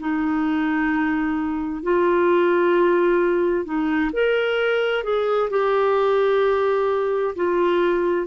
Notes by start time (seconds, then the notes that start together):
0.00 D#4
1.83 F4
3.65 D#4
4.13 A#4
5.04 G#4
5.50 G4
7.36 F4